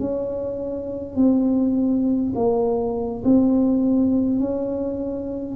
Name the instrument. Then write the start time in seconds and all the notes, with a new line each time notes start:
tuba
0.00 C#4
1.16 C4
2.35 A#3
3.25 C4
4.40 C#4